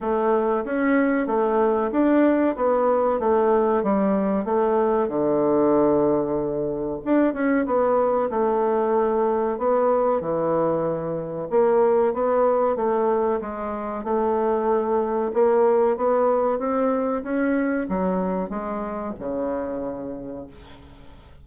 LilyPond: \new Staff \with { instrumentName = "bassoon" } { \time 4/4 \tempo 4 = 94 a4 cis'4 a4 d'4 | b4 a4 g4 a4 | d2. d'8 cis'8 | b4 a2 b4 |
e2 ais4 b4 | a4 gis4 a2 | ais4 b4 c'4 cis'4 | fis4 gis4 cis2 | }